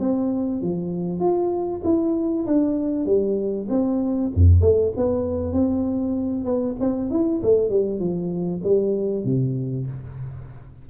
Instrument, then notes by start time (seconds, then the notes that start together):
tuba
0.00 C4
0.62 F3
1.20 F4
1.84 E4
2.47 D4
3.06 G3
3.69 C4
4.34 F2
4.62 A3
4.97 B3
5.53 C4
6.45 B3
6.80 C4
7.10 E4
7.43 A3
7.70 G3
8.00 F3
8.64 G3
9.25 C3